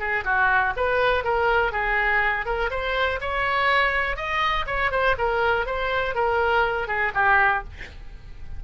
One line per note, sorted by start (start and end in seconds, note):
0.00 0.25 G#4
0.25 0.74 F#4
0.77 1.24 B4
1.24 1.72 A#4
1.72 2.46 G#4
2.46 2.70 A#4
2.71 3.20 C5
3.21 4.17 C#5
4.17 4.66 D#5
4.67 4.91 C#5
4.92 5.16 C5
5.18 5.66 A#4
5.66 6.15 C5
6.15 6.88 A#4
6.88 7.12 G#4
7.15 7.64 G4